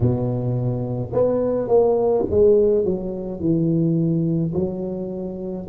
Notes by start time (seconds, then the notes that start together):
0.00 B2
1.12 B3
1.68 A#3
2.30 G#3
2.85 F#3
3.40 E3
4.54 F#3